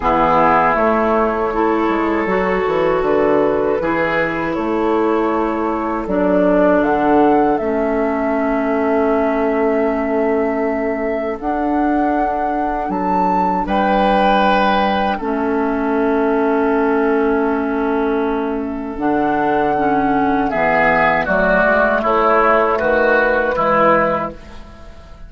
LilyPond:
<<
  \new Staff \with { instrumentName = "flute" } { \time 4/4 \tempo 4 = 79 gis'4 cis''2. | b'2 cis''2 | d''4 fis''4 e''2~ | e''2. fis''4~ |
fis''4 a''4 g''2 | e''1~ | e''4 fis''2 e''4 | d''4 cis''4 b'2 | }
  \new Staff \with { instrumentName = "oboe" } { \time 4/4 e'2 a'2~ | a'4 gis'4 a'2~ | a'1~ | a'1~ |
a'2 b'2 | a'1~ | a'2. gis'4 | fis'4 e'4 fis'4 e'4 | }
  \new Staff \with { instrumentName = "clarinet" } { \time 4/4 b4 a4 e'4 fis'4~ | fis'4 e'2. | d'2 cis'2~ | cis'2. d'4~ |
d'1 | cis'1~ | cis'4 d'4 cis'4 b4 | a2. gis4 | }
  \new Staff \with { instrumentName = "bassoon" } { \time 4/4 e4 a4. gis8 fis8 e8 | d4 e4 a2 | fis4 d4 a2~ | a2. d'4~ |
d'4 fis4 g2 | a1~ | a4 d2 e4 | fis8 gis8 a4 dis4 e4 | }
>>